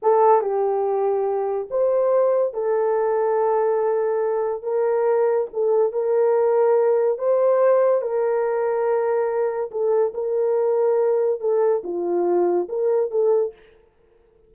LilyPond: \new Staff \with { instrumentName = "horn" } { \time 4/4 \tempo 4 = 142 a'4 g'2. | c''2 a'2~ | a'2. ais'4~ | ais'4 a'4 ais'2~ |
ais'4 c''2 ais'4~ | ais'2. a'4 | ais'2. a'4 | f'2 ais'4 a'4 | }